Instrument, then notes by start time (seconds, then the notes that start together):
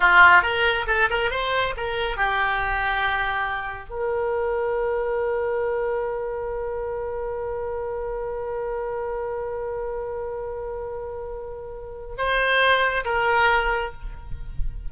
oboe
0.00 F4
0.42 A#4
0.87 A4
1.10 A#4
1.30 C5
1.76 A#4
2.16 G4
3.89 A#4
12.17 C5
13.05 A#4